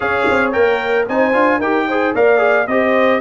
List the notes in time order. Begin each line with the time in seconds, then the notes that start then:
0.00 C#4 G#4 C#5 F5
0.29 C4
0.52 A#3 A#4 G5
1.08 C4 D#4 C5 G#5
1.33 D4 F4
1.58 D#4 G4 A#4 G5
1.87 G#4 C5
2.14 A#3 A#4 D5 F5
2.38 G#4
2.67 C4 G4 C5 D#5